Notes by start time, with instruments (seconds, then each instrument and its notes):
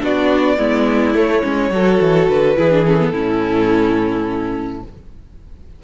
0.00 cello B3, viola D4, violin F#4 D5
0.58 cello G#3, viola B3, violin E4
1.14 cello A3, viola A3, violin C#5
1.43 cello G#3, viola C#4
1.70 cello F#3, viola F#4, violin A4
2.00 cello E3
2.28 cello D3, violin B4
2.56 cello E3, viola E4, violin G#4
2.71 viola D4
2.85 viola C#4, violin A4
3.00 viola B3
3.12 cello A2, viola C#4, violin E4